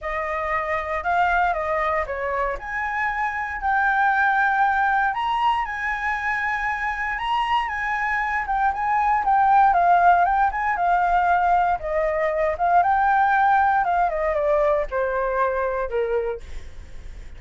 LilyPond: \new Staff \with { instrumentName = "flute" } { \time 4/4 \tempo 4 = 117 dis''2 f''4 dis''4 | cis''4 gis''2 g''4~ | g''2 ais''4 gis''4~ | gis''2 ais''4 gis''4~ |
gis''8 g''8 gis''4 g''4 f''4 | g''8 gis''8 f''2 dis''4~ | dis''8 f''8 g''2 f''8 dis''8 | d''4 c''2 ais'4 | }